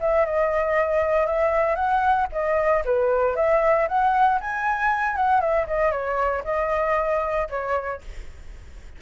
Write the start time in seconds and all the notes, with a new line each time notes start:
0.00 E5
0.25 D#5
1.26 E5
1.75 F#5
2.32 D#5
2.85 B4
3.36 E5
3.88 F#5
4.40 G#5
5.16 F#5
5.40 E5
5.67 D#5
5.91 C#5
6.44 D#5
7.49 C#5